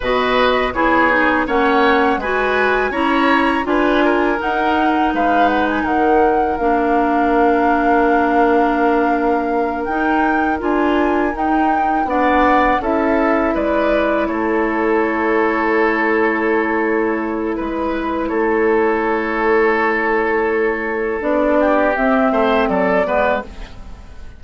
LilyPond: <<
  \new Staff \with { instrumentName = "flute" } { \time 4/4 \tempo 4 = 82 dis''4 cis''4 fis''4 gis''4 | ais''4 gis''4 fis''4 f''8 fis''16 gis''16 | fis''4 f''2.~ | f''4. g''4 gis''4 g''8~ |
g''8 fis''4 e''4 d''4 cis''8~ | cis''1 | b'4 cis''2.~ | cis''4 d''4 e''4 d''4 | }
  \new Staff \with { instrumentName = "oboe" } { \time 4/4 b'4 gis'4 cis''4 b'4 | cis''4 b'8 ais'4. b'4 | ais'1~ | ais'1~ |
ais'8 d''4 a'4 b'4 a'8~ | a'1 | b'4 a'2.~ | a'4. g'4 c''8 a'8 b'8 | }
  \new Staff \with { instrumentName = "clarinet" } { \time 4/4 fis'4 e'8 dis'8 cis'4 fis'4 | e'4 f'4 dis'2~ | dis'4 d'2.~ | d'4. dis'4 f'4 dis'8~ |
dis'8 d'4 e'2~ e'8~ | e'1~ | e'1~ | e'4 d'4 c'4. b8 | }
  \new Staff \with { instrumentName = "bassoon" } { \time 4/4 b,4 b4 ais4 gis4 | cis'4 d'4 dis'4 gis4 | dis4 ais2.~ | ais4. dis'4 d'4 dis'8~ |
dis'8 b4 cis'4 gis4 a8~ | a1 | gis4 a2.~ | a4 b4 c'8 a8 fis8 gis8 | }
>>